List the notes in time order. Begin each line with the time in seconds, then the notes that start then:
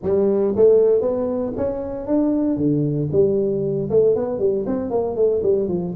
0.03 G3
0.55 A3
1.01 B3
1.56 C#4
2.06 D4
2.56 D3
3.12 G3
3.89 A3
4.15 B3
4.39 G3
4.66 C4
4.90 A#3
5.16 A3
5.42 G3
5.68 F3